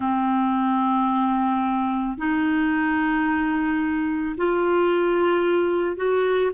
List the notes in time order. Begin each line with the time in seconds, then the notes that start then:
0.00 C4
2.17 D#4
4.37 F4
5.96 F#4